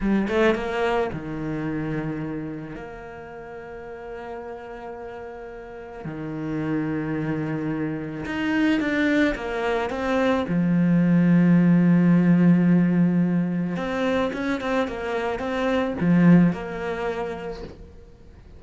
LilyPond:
\new Staff \with { instrumentName = "cello" } { \time 4/4 \tempo 4 = 109 g8 a8 ais4 dis2~ | dis4 ais2.~ | ais2. dis4~ | dis2. dis'4 |
d'4 ais4 c'4 f4~ | f1~ | f4 c'4 cis'8 c'8 ais4 | c'4 f4 ais2 | }